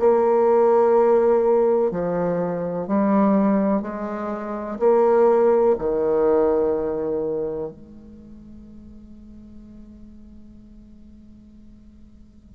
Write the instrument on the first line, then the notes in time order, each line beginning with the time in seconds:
bassoon
0.00 A#3
1.91 F3
2.88 G3
3.82 G#3
4.79 A#3
5.79 D#3
7.72 G#3